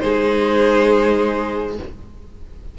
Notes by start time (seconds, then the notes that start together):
0.00 G#3 D#4 G#4 C5